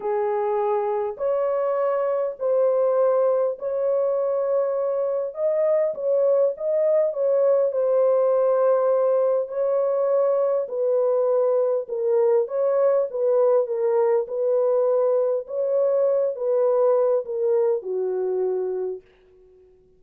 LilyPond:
\new Staff \with { instrumentName = "horn" } { \time 4/4 \tempo 4 = 101 gis'2 cis''2 | c''2 cis''2~ | cis''4 dis''4 cis''4 dis''4 | cis''4 c''2. |
cis''2 b'2 | ais'4 cis''4 b'4 ais'4 | b'2 cis''4. b'8~ | b'4 ais'4 fis'2 | }